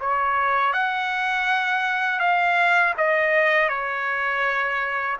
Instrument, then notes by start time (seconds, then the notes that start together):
trumpet
0.00 C#5
0.73 F#5
2.19 F5
2.97 D#5
3.68 C#5